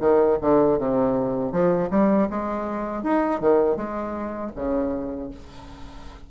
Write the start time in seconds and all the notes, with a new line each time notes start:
0.00 D#3
0.41 D3
0.78 C3
1.52 F3
1.91 G3
2.30 G#3
3.03 D#4
3.40 D#3
3.77 G#3
4.55 C#3